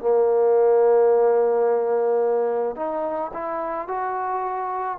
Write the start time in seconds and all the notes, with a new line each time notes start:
0.00 A#3
2.76 D#4
3.34 E4
3.88 F#4